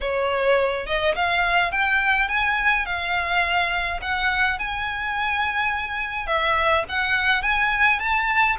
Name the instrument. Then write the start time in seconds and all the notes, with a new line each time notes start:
violin
0.01 C#5
0.86 D#5
1.15 F5
1.71 G5
2.28 G#5
2.85 F5
4.01 F#5
4.58 G#5
6.26 E5
6.88 F#5
7.42 G#5
7.99 A5